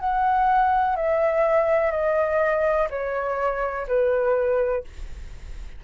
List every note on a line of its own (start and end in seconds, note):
0.00 0.96 F#5
0.96 1.91 E5
1.91 2.88 D#5
2.90 3.87 C#5
3.88 4.84 B4